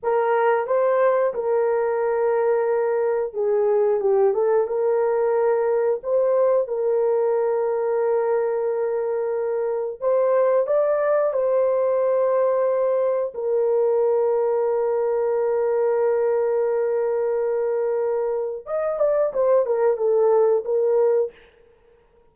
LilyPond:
\new Staff \with { instrumentName = "horn" } { \time 4/4 \tempo 4 = 90 ais'4 c''4 ais'2~ | ais'4 gis'4 g'8 a'8 ais'4~ | ais'4 c''4 ais'2~ | ais'2. c''4 |
d''4 c''2. | ais'1~ | ais'1 | dis''8 d''8 c''8 ais'8 a'4 ais'4 | }